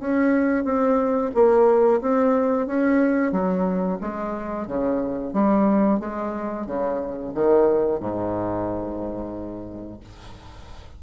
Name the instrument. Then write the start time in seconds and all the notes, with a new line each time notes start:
bassoon
0.00 C#4
0.65 C4
1.35 A#3
2.02 C4
2.67 C#4
3.32 F#3
4.01 G#3
4.67 C#3
5.33 G3
6.00 G#3
6.67 C#3
7.35 D#3
8.00 G#2